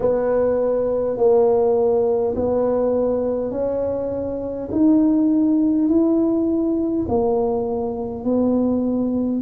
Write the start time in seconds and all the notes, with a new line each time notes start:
0.00 B3
1.17 A#3
2.35 B3
3.51 C#4
4.71 D#4
5.88 E4
7.08 A#3
8.24 B3